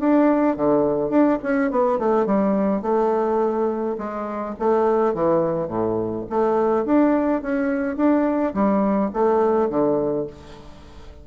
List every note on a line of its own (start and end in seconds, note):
0.00 0.57 D4
0.57 1.10 D3
1.10 1.38 D4
1.43 1.71 C#4
1.71 1.99 B3
1.99 2.26 A3
2.26 2.82 G3
2.82 3.97 A3
3.98 4.56 G#3
4.59 5.15 A3
5.15 5.68 E3
5.68 6.25 A2
6.30 6.85 A3
6.85 7.42 D4
7.42 7.97 C#4
7.97 8.54 D4
8.54 9.11 G3
9.14 9.70 A3
9.70 10.27 D3